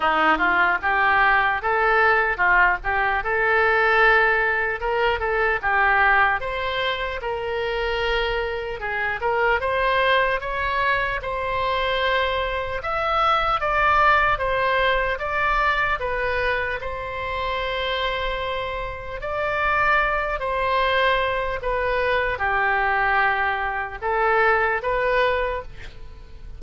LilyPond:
\new Staff \with { instrumentName = "oboe" } { \time 4/4 \tempo 4 = 75 dis'8 f'8 g'4 a'4 f'8 g'8 | a'2 ais'8 a'8 g'4 | c''4 ais'2 gis'8 ais'8 | c''4 cis''4 c''2 |
e''4 d''4 c''4 d''4 | b'4 c''2. | d''4. c''4. b'4 | g'2 a'4 b'4 | }